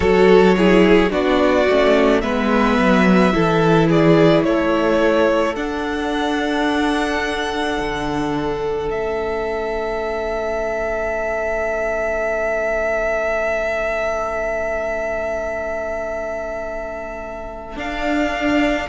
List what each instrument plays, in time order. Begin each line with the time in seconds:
0.00 cello F#3, viola F#4, violin A4 C#5
0.56 viola E4, violin G#4
1.09 cello B3, viola D4, violin F#4 D5
1.68 cello A3, viola C#4
2.20 cello G#3, viola B3, violin B4 E5
2.78 cello F#3
3.32 cello E3, viola E4, violin A4
3.88 violin G#4 D5
4.44 cello A3, violin A4 C#5
5.55 cello D4, viola D4, violin F#5
7.79 cello D3
8.88 cello A3, viola C#4, violin E5
17.76 viola D4, cello D4, violin F5